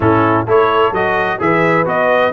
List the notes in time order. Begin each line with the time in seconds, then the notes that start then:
0.00 A2 C#4 E4 A4
0.45 A3 E4 A4 C#5
0.91 F#3 F#4 D#5
1.39 E3 G#4 B4 E5
1.85 B3 F#4 D#5